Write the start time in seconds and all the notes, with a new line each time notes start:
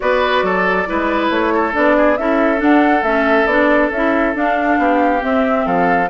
0.00 B3 F#4 B4 D5
0.42 F#3 A4
0.86 G#3 E4 B4
1.29 A3 C#5
1.54 A4
1.73 B3 D4 D5
1.96 G#4
2.16 C#4 E4 A4 E5
2.57 D4 F#5
3.02 A3 C#4 E5
3.45 B3 D4 D5
3.91 C#4 E4 E5
4.34 D4 F5
4.77 B3 G4
5.19 C4 E5
5.65 F3 A4 F5